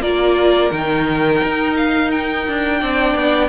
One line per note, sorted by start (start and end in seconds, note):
0.00 0.70 A#3
0.00 0.70 F4
0.00 2.80 A#4
0.00 0.71 D5
0.70 1.41 D#3
0.70 2.80 D#4
0.70 1.75 G5
1.43 2.48 D#4
1.76 2.11 F5
2.11 3.49 G5
2.48 2.82 D4
2.80 3.14 C4
2.80 3.49 D4
2.80 3.49 D5
3.14 3.49 B3